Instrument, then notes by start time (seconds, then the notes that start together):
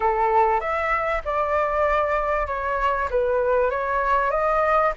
flute
0.00 A4
0.60 E5
1.25 D5
2.47 C#5
3.10 B4
3.70 C#5
4.30 D#5